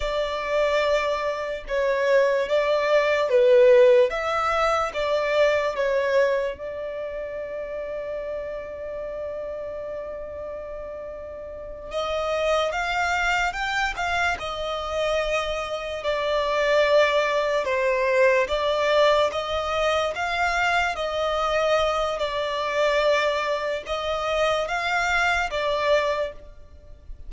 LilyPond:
\new Staff \with { instrumentName = "violin" } { \time 4/4 \tempo 4 = 73 d''2 cis''4 d''4 | b'4 e''4 d''4 cis''4 | d''1~ | d''2~ d''8 dis''4 f''8~ |
f''8 g''8 f''8 dis''2 d''8~ | d''4. c''4 d''4 dis''8~ | dis''8 f''4 dis''4. d''4~ | d''4 dis''4 f''4 d''4 | }